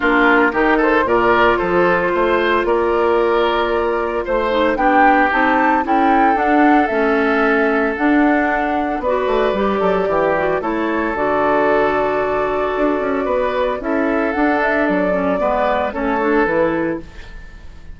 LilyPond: <<
  \new Staff \with { instrumentName = "flute" } { \time 4/4 \tempo 4 = 113 ais'4. c''8 d''4 c''4~ | c''4 d''2. | c''4 g''4 a''4 g''4 | fis''4 e''2 fis''4~ |
fis''4 d''2. | cis''4 d''2.~ | d''2 e''4 fis''8 e''8 | d''2 cis''4 b'4 | }
  \new Staff \with { instrumentName = "oboe" } { \time 4/4 f'4 g'8 a'8 ais'4 a'4 | c''4 ais'2. | c''4 g'2 a'4~ | a'1~ |
a'4 b'4. a'8 g'4 | a'1~ | a'4 b'4 a'2~ | a'4 b'4 a'2 | }
  \new Staff \with { instrumentName = "clarinet" } { \time 4/4 d'4 dis'4 f'2~ | f'1~ | f'8 dis'8 d'4 dis'4 e'4 | d'4 cis'2 d'4~ |
d'4 fis'4 g'4. fis'8 | e'4 fis'2.~ | fis'2 e'4 d'4~ | d'8 cis'8 b4 cis'8 d'8 e'4 | }
  \new Staff \with { instrumentName = "bassoon" } { \time 4/4 ais4 dis4 ais,4 f4 | a4 ais2. | a4 b4 c'4 cis'4 | d'4 a2 d'4~ |
d'4 b8 a8 g8 fis8 e4 | a4 d2. | d'8 cis'8 b4 cis'4 d'4 | fis4 gis4 a4 e4 | }
>>